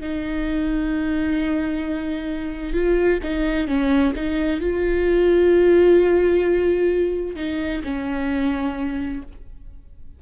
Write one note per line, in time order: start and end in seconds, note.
0.00 2.73 D#4
2.73 3.19 F4
3.23 3.67 D#4
3.67 4.13 C#4
4.15 4.60 D#4
4.60 7.36 F4
7.36 7.82 D#4
7.83 9.22 C#4